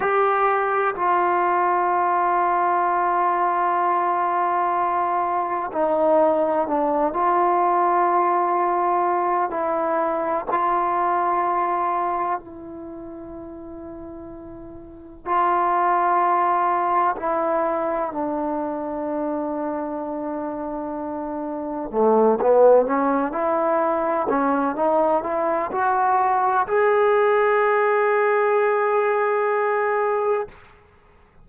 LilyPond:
\new Staff \with { instrumentName = "trombone" } { \time 4/4 \tempo 4 = 63 g'4 f'2.~ | f'2 dis'4 d'8 f'8~ | f'2 e'4 f'4~ | f'4 e'2. |
f'2 e'4 d'4~ | d'2. a8 b8 | cis'8 e'4 cis'8 dis'8 e'8 fis'4 | gis'1 | }